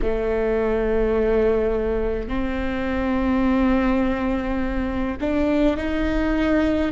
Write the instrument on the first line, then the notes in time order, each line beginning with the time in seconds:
viola
0.02 A3
2.28 C4
5.20 D4
5.76 D#4